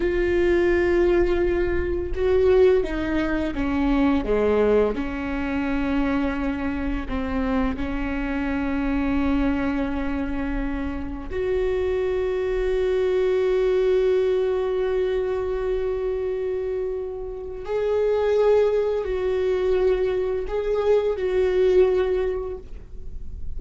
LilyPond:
\new Staff \with { instrumentName = "viola" } { \time 4/4 \tempo 4 = 85 f'2. fis'4 | dis'4 cis'4 gis4 cis'4~ | cis'2 c'4 cis'4~ | cis'1 |
fis'1~ | fis'1~ | fis'4 gis'2 fis'4~ | fis'4 gis'4 fis'2 | }